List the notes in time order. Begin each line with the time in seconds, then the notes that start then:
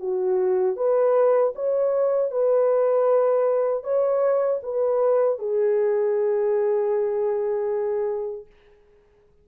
0.00 F#4
0.77 B4
1.55 C#5
2.31 B4
3.84 C#5
4.63 B4
5.39 G#4